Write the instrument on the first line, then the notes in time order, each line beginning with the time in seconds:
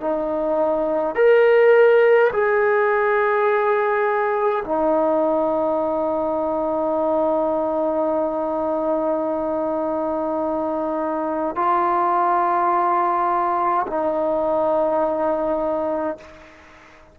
trombone
0.00 D#4
1.15 A#4
2.32 G#4
4.65 D#4
11.55 F4
13.87 D#4